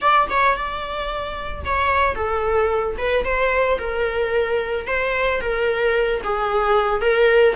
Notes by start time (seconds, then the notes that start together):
0.01 D5
0.30 C#5
0.56 D5
1.64 C#5
2.15 A4
2.98 B4
3.24 C5
3.78 A#4
4.86 C5
5.40 A#4
6.23 G#4
7.01 A#4